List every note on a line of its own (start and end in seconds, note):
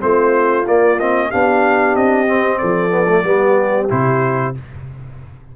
0.00 0.67 A3
0.00 0.65 C4
0.00 1.30 F4
0.00 0.67 C5
0.67 0.99 A#3
0.67 1.32 A#3
0.67 1.00 D5
1.00 1.32 C4
1.00 1.32 D#5
1.30 1.96 B3
1.30 2.28 D4
1.30 2.59 G4
1.30 1.96 F5
1.96 2.61 C4
1.96 2.59 D#5
2.28 2.90 C4
2.59 3.24 F3
2.59 3.24 A4
2.59 3.88 D5
2.90 3.07 B3
3.08 3.24 A3
3.24 3.89 G3
3.24 3.89 B3
3.24 4.56 G4
3.90 4.56 C3
3.90 4.54 E4
3.90 4.56 C5